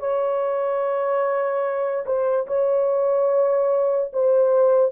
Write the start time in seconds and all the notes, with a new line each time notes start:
0.00 C#5
2.06 C5
2.48 C#5
4.14 C5